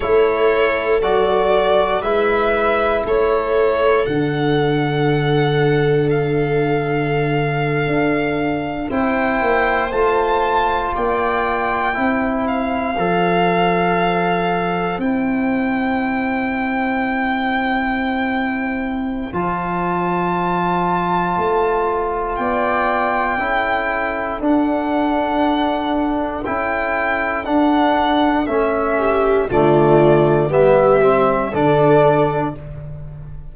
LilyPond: <<
  \new Staff \with { instrumentName = "violin" } { \time 4/4 \tempo 4 = 59 cis''4 d''4 e''4 cis''4 | fis''2 f''2~ | f''8. g''4 a''4 g''4~ g''16~ | g''16 f''2~ f''8 g''4~ g''16~ |
g''2. a''4~ | a''2 g''2 | fis''2 g''4 fis''4 | e''4 d''4 e''4 d''4 | }
  \new Staff \with { instrumentName = "viola" } { \time 4/4 a'2 b'4 a'4~ | a'1~ | a'8. c''2 d''4 c''16~ | c''1~ |
c''1~ | c''2 d''4 a'4~ | a'1~ | a'8 g'8 f'4 g'4 a'4 | }
  \new Staff \with { instrumentName = "trombone" } { \time 4/4 e'4 fis'4 e'2 | d'1~ | d'8. e'4 f'2 e'16~ | e'8. a'2 e'4~ e'16~ |
e'2. f'4~ | f'2. e'4 | d'2 e'4 d'4 | cis'4 a4 b8 c'8 d'4 | }
  \new Staff \with { instrumentName = "tuba" } { \time 4/4 a4 fis4 gis4 a4 | d2.~ d8. d'16~ | d'8. c'8 ais8 a4 ais4 c'16~ | c'8. f2 c'4~ c'16~ |
c'2. f4~ | f4 a4 b4 cis'4 | d'2 cis'4 d'4 | a4 d4 g4 d4 | }
>>